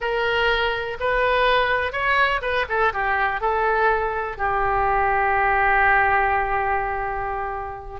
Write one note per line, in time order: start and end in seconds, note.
0.00 0.97 A#4
1.00 1.92 B4
1.92 2.41 C#5
2.41 2.65 B4
2.68 2.93 A4
2.93 3.40 G4
3.40 4.37 A4
4.37 8.00 G4